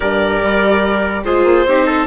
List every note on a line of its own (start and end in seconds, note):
0.00 0.42 G2
0.00 1.25 G4
0.00 1.25 A#4
0.00 1.23 D5
0.42 1.25 G3
1.24 1.44 G#3
1.24 1.66 F4
1.24 1.67 G#4
1.24 2.07 C5
1.44 1.65 A#3
1.65 2.07 C4
1.65 2.07 D#4
1.65 1.86 G4
1.86 2.06 A4